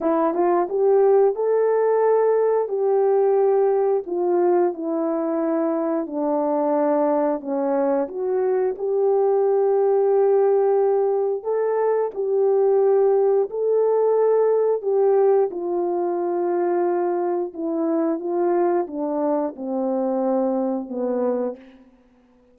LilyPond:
\new Staff \with { instrumentName = "horn" } { \time 4/4 \tempo 4 = 89 e'8 f'8 g'4 a'2 | g'2 f'4 e'4~ | e'4 d'2 cis'4 | fis'4 g'2.~ |
g'4 a'4 g'2 | a'2 g'4 f'4~ | f'2 e'4 f'4 | d'4 c'2 b4 | }